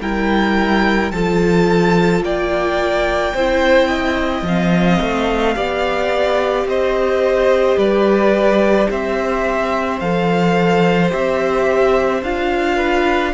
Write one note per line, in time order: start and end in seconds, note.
0.00 1.11 G3
0.00 1.12 E4
0.00 1.12 A#4
0.00 1.11 G5
1.11 2.22 F3
1.11 3.36 F4
1.11 2.25 A4
1.11 2.22 A5
2.22 3.33 A#3
2.22 3.34 D5
2.22 4.46 G5
3.34 4.42 C4
3.34 4.47 E4
3.34 3.87 C5
3.87 5.54 D#5
4.42 4.98 F3
4.42 5.56 C4
4.42 6.68 F5
5.01 5.56 A3
5.56 6.65 B3
5.56 10.00 G4
5.56 6.67 D5
6.65 7.76 C4
6.65 7.78 C5
6.65 7.78 D#5
7.77 8.88 G3
7.77 8.89 B4
7.77 8.89 D5
8.89 10.01 C4
8.89 12.76 C5
8.89 9.99 E5
9.99 11.12 F3
9.99 11.10 A4
9.99 11.10 F5
11.10 12.22 C4
11.10 12.21 G4
11.10 12.23 E5
12.22 13.33 D4
12.22 13.34 F4
12.22 13.34 F5
12.76 13.32 B4